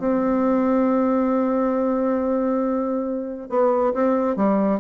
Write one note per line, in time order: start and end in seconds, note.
0.00 3.50 C4
3.50 3.94 B3
3.94 4.37 C4
4.37 4.81 G3